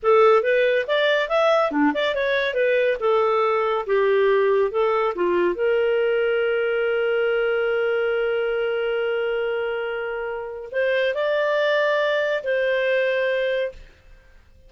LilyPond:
\new Staff \with { instrumentName = "clarinet" } { \time 4/4 \tempo 4 = 140 a'4 b'4 d''4 e''4 | d'8 d''8 cis''4 b'4 a'4~ | a'4 g'2 a'4 | f'4 ais'2.~ |
ais'1~ | ais'1~ | ais'4 c''4 d''2~ | d''4 c''2. | }